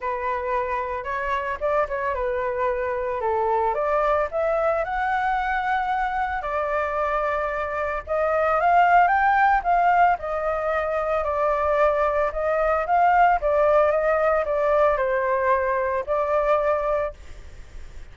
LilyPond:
\new Staff \with { instrumentName = "flute" } { \time 4/4 \tempo 4 = 112 b'2 cis''4 d''8 cis''8 | b'2 a'4 d''4 | e''4 fis''2. | d''2. dis''4 |
f''4 g''4 f''4 dis''4~ | dis''4 d''2 dis''4 | f''4 d''4 dis''4 d''4 | c''2 d''2 | }